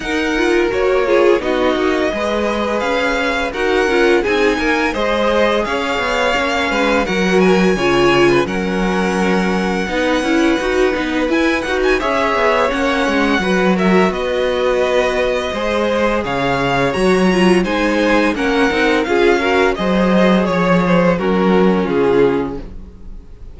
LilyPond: <<
  \new Staff \with { instrumentName = "violin" } { \time 4/4 \tempo 4 = 85 fis''4 cis''4 dis''2 | f''4 fis''4 gis''4 dis''4 | f''2 fis''8 gis''4. | fis''1 |
gis''8 fis''16 gis''16 e''4 fis''4. e''8 | dis''2. f''4 | ais''4 gis''4 fis''4 f''4 | dis''4 cis''8 c''8 ais'4 gis'4 | }
  \new Staff \with { instrumentName = "violin" } { \time 4/4 ais'4. gis'8 fis'4 b'4~ | b'4 ais'4 gis'8 ais'8 c''4 | cis''4. b'8 ais'4 cis''8. b'16 | ais'2 b'2~ |
b'4 cis''2 b'8 ais'8 | b'2 c''4 cis''4~ | cis''4 c''4 ais'4 gis'8 ais'8 | c''4 cis''4 fis'4 f'4 | }
  \new Staff \with { instrumentName = "viola" } { \time 4/4 dis'8 f'8 fis'8 f'8 dis'4 gis'4~ | gis'4 fis'8 f'8 dis'4 gis'4~ | gis'4 cis'4 fis'4 f'4 | cis'2 dis'8 e'8 fis'8 dis'8 |
e'8 fis'8 gis'4 cis'4 fis'4~ | fis'2 gis'2 | fis'8 f'8 dis'4 cis'8 dis'8 f'8 fis'8 | gis'2 cis'2 | }
  \new Staff \with { instrumentName = "cello" } { \time 4/4 dis'4 ais4 b8 ais8 gis4 | cis'4 dis'8 cis'8 c'8 ais8 gis4 | cis'8 b8 ais8 gis8 fis4 cis4 | fis2 b8 cis'8 dis'8 b8 |
e'8 dis'8 cis'8 b8 ais8 gis8 fis4 | b2 gis4 cis4 | fis4 gis4 ais8 c'8 cis'4 | fis4 f4 fis4 cis4 | }
>>